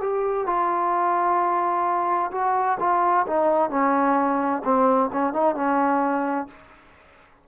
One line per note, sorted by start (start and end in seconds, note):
0.00 0.46 G4
0.46 2.30 F4
2.31 2.77 F#4
2.79 3.26 F4
3.26 3.70 D#4
3.70 4.62 C#4
4.64 5.10 C4
5.12 5.33 C#4
5.33 5.55 D#4
5.55 6.47 C#4